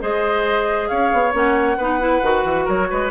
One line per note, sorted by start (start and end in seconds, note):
0.00 0.90 G#3
0.00 1.32 G#4
0.00 0.89 C5
0.00 0.88 D#5
0.88 1.12 C#4
0.88 1.77 C#5
0.88 1.32 F5
1.12 1.33 B3
1.32 1.77 A#3
1.32 1.76 C#4
1.32 2.68 F#5
1.77 2.22 B3
1.77 1.99 D#4
1.77 2.65 B4
1.99 2.22 E4
2.22 2.44 D#3
2.22 3.10 F#4
2.44 2.66 E3
2.65 2.90 F#3
2.65 2.87 A#4
2.65 3.10 C#5
2.90 3.10 G#3
2.90 3.10 B4